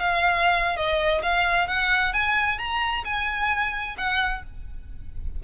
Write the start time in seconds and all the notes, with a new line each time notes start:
0.00 F5
0.77 D#5
1.23 F5
1.68 F#5
2.13 G#5
2.59 A#5
3.05 G#5
3.98 F#5